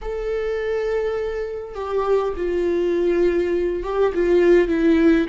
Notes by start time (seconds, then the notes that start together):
0.01 A4
1.74 G4
2.36 F4
3.83 G4
4.14 F4
4.67 E4